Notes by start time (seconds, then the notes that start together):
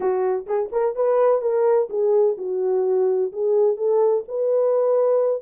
0.00 F#4
0.46 G#4
0.72 A#4
0.95 B4
1.41 A#4
1.89 G#4
2.37 F#4
3.32 G#4
3.76 A4
4.28 B4